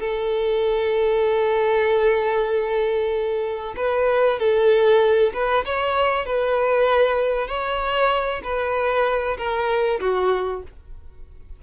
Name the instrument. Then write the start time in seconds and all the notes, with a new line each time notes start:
violin
0.00 A4
3.77 B4
4.39 A4
5.34 B4
5.66 C#5
6.26 B4
7.48 C#5
8.44 B4
9.38 A#4
10.01 F#4